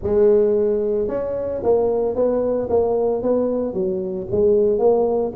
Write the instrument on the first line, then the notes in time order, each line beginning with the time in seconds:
tuba
0.02 G#3
1.08 C#4
1.63 A#3
2.15 B3
2.69 A#3
3.22 B3
3.73 F#3
4.31 G#3
4.78 A#3